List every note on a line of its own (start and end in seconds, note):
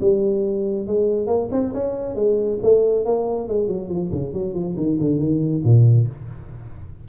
0.00 0.87 G3
0.87 1.26 G#3
1.26 1.48 A#3
1.51 1.73 C4
1.73 2.15 C#4
2.15 2.58 G#3
2.62 3.05 A3
3.05 3.48 A#3
3.48 3.67 G#3
3.67 3.88 F#3
3.88 4.10 F3
4.11 4.33 C#3
4.33 4.54 F#3
4.54 4.75 F3
4.77 4.98 D#3
5.00 5.19 D3
5.19 5.62 D#3
5.64 6.07 A#2